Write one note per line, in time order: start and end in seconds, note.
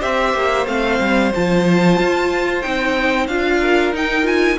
0.00 0.35 C4
0.00 0.66 G4
0.00 3.59 C5
0.00 0.67 E5
0.35 0.67 A#3
0.67 1.00 A3
0.67 1.32 C4
0.67 1.33 F5
1.00 1.33 G3
1.35 2.00 F3
1.35 2.63 F4
1.35 2.62 A5
2.00 2.65 F4
2.62 3.29 C4
2.62 3.28 D#4
2.62 3.28 G5
3.28 3.93 D4
3.28 3.94 F4
3.28 3.93 F5
3.61 4.59 A#4
3.93 4.58 D#4
3.93 4.24 D#4
3.93 4.27 G5
4.24 4.56 F4
4.24 4.60 G#5